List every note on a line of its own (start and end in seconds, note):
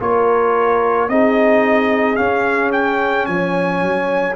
0.00 1.08 A#3
0.00 1.09 F4
0.00 1.10 A#4
0.00 1.09 C#5
1.08 2.17 C4
1.08 2.16 D#4
1.08 3.29 G#4
1.08 2.16 D#5
2.16 4.34 C#4
2.16 3.27 C#4
2.16 2.70 F5
2.72 3.26 G5
3.26 3.82 F3
3.26 4.36 C#5
3.26 4.35 G#5
3.82 4.36 F#3